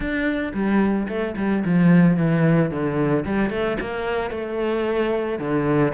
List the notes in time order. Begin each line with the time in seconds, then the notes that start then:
0.00 D4
0.53 G3
1.08 A3
1.36 G3
1.65 F3
2.16 E3
2.71 D3
3.25 G3
3.50 A3
3.80 A#3
4.30 A3
5.38 D3